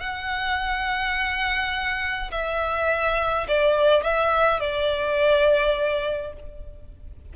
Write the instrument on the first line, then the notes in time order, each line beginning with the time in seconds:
violin
0.00 F#5
2.31 E5
3.48 D5
4.03 E5
4.60 D5